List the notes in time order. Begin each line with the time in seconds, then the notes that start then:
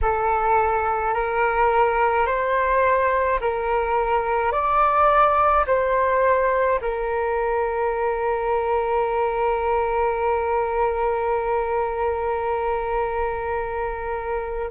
0.01 A4
1.14 A#4
2.26 C5
3.40 A#4
4.51 D5
5.66 C5
6.81 A#4